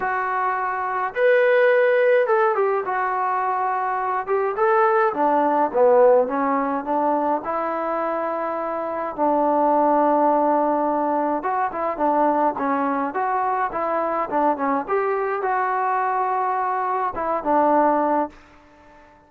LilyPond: \new Staff \with { instrumentName = "trombone" } { \time 4/4 \tempo 4 = 105 fis'2 b'2 | a'8 g'8 fis'2~ fis'8 g'8 | a'4 d'4 b4 cis'4 | d'4 e'2. |
d'1 | fis'8 e'8 d'4 cis'4 fis'4 | e'4 d'8 cis'8 g'4 fis'4~ | fis'2 e'8 d'4. | }